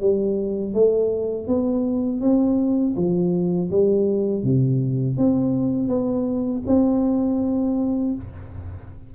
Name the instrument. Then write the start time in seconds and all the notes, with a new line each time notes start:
tuba
0.00 G3
0.73 A3
1.47 B3
2.21 C4
2.96 F3
3.70 G3
4.43 C3
5.17 C4
5.88 B3
6.66 C4